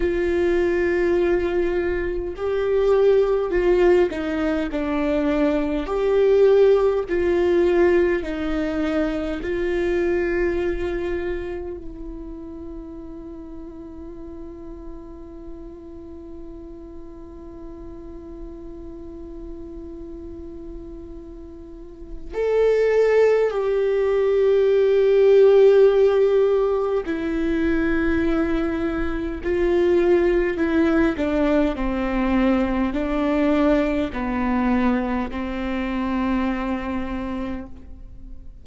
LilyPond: \new Staff \with { instrumentName = "viola" } { \time 4/4 \tempo 4 = 51 f'2 g'4 f'8 dis'8 | d'4 g'4 f'4 dis'4 | f'2 e'2~ | e'1~ |
e'2. a'4 | g'2. e'4~ | e'4 f'4 e'8 d'8 c'4 | d'4 b4 c'2 | }